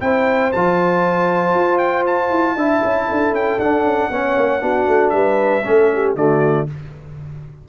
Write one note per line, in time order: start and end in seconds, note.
0.00 0.52 C4
0.00 0.51 E4
0.00 2.56 C5
0.00 0.51 G5
0.52 1.54 F3
0.52 2.57 F4
0.52 1.78 A5
1.54 2.30 F4
1.78 2.03 G5
2.06 3.34 A5
2.30 2.55 E4
2.55 2.81 D4
2.55 3.60 E4
2.55 3.08 E5
2.83 3.09 C#4
3.08 3.32 D4
3.08 4.10 A4
3.32 3.58 C#4
3.32 3.59 G5
3.58 3.83 D4
3.58 4.11 D4
3.58 5.09 F#5
3.83 4.09 C#4
4.10 4.35 B3
4.10 4.60 C#4
4.10 4.62 C#5
4.36 4.61 A#3
4.60 4.87 B3
4.60 5.62 D4
4.60 5.13 F#4
4.87 5.12 A3
5.09 5.63 G3
5.09 5.64 B4
5.09 6.12 E5
5.64 6.15 A3
5.64 6.15 C#4
5.64 5.92 A4
5.94 6.17 G4
6.15 6.66 D3
6.15 6.67 A3
6.15 6.68 F#4
6.15 6.67 D5